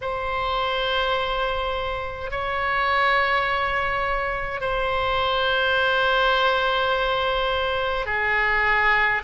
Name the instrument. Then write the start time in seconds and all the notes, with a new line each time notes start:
oboe
0.01 C5
2.30 C#5
4.60 C5
8.06 G#4